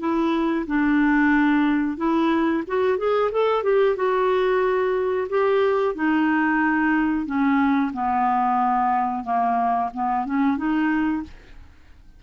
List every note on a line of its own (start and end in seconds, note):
0.00 0.66 E4
0.67 1.98 D4
1.98 2.63 E4
2.68 2.98 F#4
2.98 3.31 G#4
3.32 3.64 A4
3.64 3.96 G4
3.96 5.28 F#4
5.30 5.95 G4
5.95 7.26 D#4
7.26 7.92 C#4
7.94 9.24 B3
9.24 9.90 A#3
9.94 10.26 B3
10.26 10.57 C#4
10.57 11.23 D#4